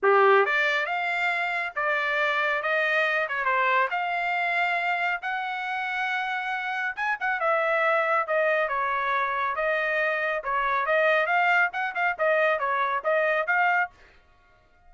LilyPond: \new Staff \with { instrumentName = "trumpet" } { \time 4/4 \tempo 4 = 138 g'4 d''4 f''2 | d''2 dis''4. cis''8 | c''4 f''2. | fis''1 |
gis''8 fis''8 e''2 dis''4 | cis''2 dis''2 | cis''4 dis''4 f''4 fis''8 f''8 | dis''4 cis''4 dis''4 f''4 | }